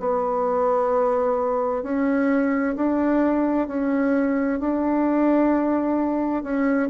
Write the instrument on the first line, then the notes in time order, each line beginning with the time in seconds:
bassoon
0.00 B3
1.83 C#4
2.76 D4
3.68 C#4
4.60 D4
6.43 C#4